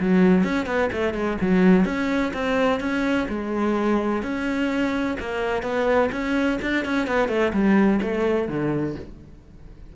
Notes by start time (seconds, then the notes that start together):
0.00 F#3
0.43 C#4
0.66 B3
0.92 A3
1.13 G#3
1.41 F#3
1.85 C#4
2.33 C4
2.80 C#4
3.28 G#3
4.22 C#4
5.19 A#3
5.63 B3
6.12 C#4
6.62 D4
6.85 C#4
7.07 B3
7.29 A3
7.53 G3
8.02 A3
8.48 D3